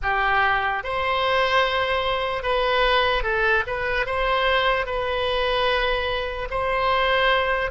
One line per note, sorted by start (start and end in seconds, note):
0.02 0.83 G4
0.83 2.42 C5
2.42 3.23 B4
3.23 3.63 A4
3.66 4.05 B4
4.05 4.86 C5
4.86 6.48 B4
6.50 7.70 C5